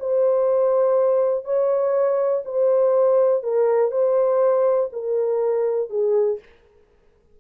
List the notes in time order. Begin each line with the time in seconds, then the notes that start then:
0.00 C5
1.45 C#5
2.45 C5
3.43 A#4
3.92 C5
4.93 A#4
5.90 G#4